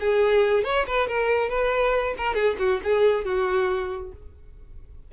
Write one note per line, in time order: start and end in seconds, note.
0.00 0.64 G#4
0.64 0.86 C#5
0.87 1.08 B4
1.08 1.49 A#4
1.49 2.14 B4
2.18 2.34 A#4
2.34 2.56 G#4
2.58 2.80 F#4
2.83 3.25 G#4
3.25 4.12 F#4